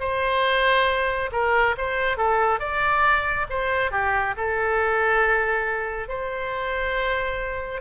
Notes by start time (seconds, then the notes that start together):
0.00 C5
1.32 A#4
1.77 C5
2.17 A4
2.59 D5
3.50 C5
3.91 G4
4.37 A4
6.08 C5